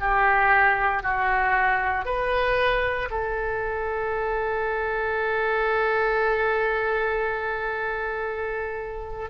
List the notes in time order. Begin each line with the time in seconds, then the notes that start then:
0.00 G4
1.03 F#4
2.05 B4
3.10 A4